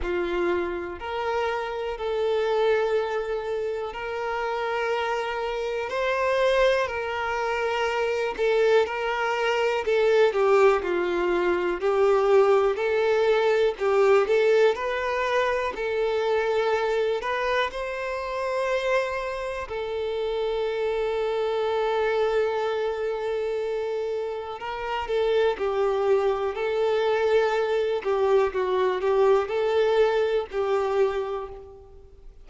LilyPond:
\new Staff \with { instrumentName = "violin" } { \time 4/4 \tempo 4 = 61 f'4 ais'4 a'2 | ais'2 c''4 ais'4~ | ais'8 a'8 ais'4 a'8 g'8 f'4 | g'4 a'4 g'8 a'8 b'4 |
a'4. b'8 c''2 | a'1~ | a'4 ais'8 a'8 g'4 a'4~ | a'8 g'8 fis'8 g'8 a'4 g'4 | }